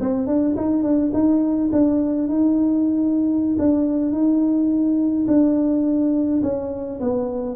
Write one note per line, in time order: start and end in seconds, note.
0.00 0.26 C4
0.26 0.55 D4
0.56 0.83 D#4
0.83 1.11 D4
1.13 1.70 D#4
1.72 2.28 D4
2.28 3.57 D#4
3.58 4.12 D4
4.12 5.26 D#4
5.27 6.41 D4
6.42 6.99 C#4
7.00 7.56 B3